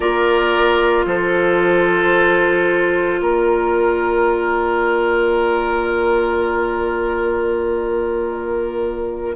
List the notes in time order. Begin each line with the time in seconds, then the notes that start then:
0.00 A#3 F4 A#4 D5
1.05 F3 A4 C5
3.20 A#3 A#4 D5